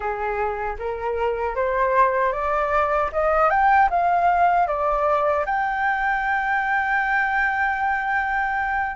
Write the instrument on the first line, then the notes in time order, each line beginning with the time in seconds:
flute
0.00 G#4
0.78 A#4
1.55 C5
2.32 D5
3.12 D#5
3.50 G5
3.90 F5
4.67 D5
5.45 G5